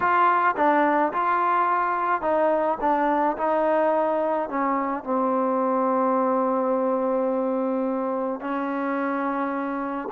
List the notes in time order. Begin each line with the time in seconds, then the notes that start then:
0.00 F4
0.56 D4
1.12 F4
2.21 D#4
2.80 D4
3.37 D#4
4.49 C#4
5.03 C4
8.40 C#4